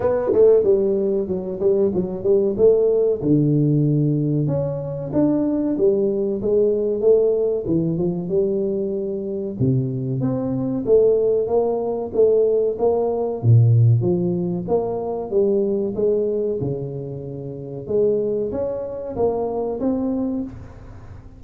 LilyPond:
\new Staff \with { instrumentName = "tuba" } { \time 4/4 \tempo 4 = 94 b8 a8 g4 fis8 g8 fis8 g8 | a4 d2 cis'4 | d'4 g4 gis4 a4 | e8 f8 g2 c4 |
c'4 a4 ais4 a4 | ais4 ais,4 f4 ais4 | g4 gis4 cis2 | gis4 cis'4 ais4 c'4 | }